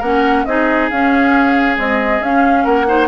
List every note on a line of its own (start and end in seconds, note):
0.00 0.45 A#3
0.00 0.48 C#4
0.00 0.44 A#4
0.00 0.45 F#5
0.45 0.91 C4
0.45 0.92 D#4
0.45 2.64 G#4
0.45 0.89 D#5
0.90 1.79 C#4
0.90 1.76 C#4
0.90 1.78 F5
1.76 2.20 G#3
1.76 2.22 C4
1.76 2.23 D#5
2.22 2.65 C#4
2.22 2.87 C#4
2.22 2.66 F5
2.64 3.08 A#3
2.64 2.86 A#4
2.64 3.08 F#5
2.87 3.08 D#4
2.87 3.08 C5